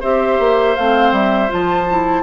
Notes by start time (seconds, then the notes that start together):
0.00 C4 G4 C5 E5
0.39 A#3
0.75 A3 C4 F5
1.12 G3 E5
1.48 F3 F4 A5
1.90 E4